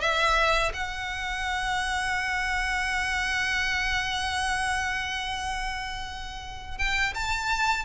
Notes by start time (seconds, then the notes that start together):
0.00 E5
0.73 F#5
6.78 G5
7.14 A5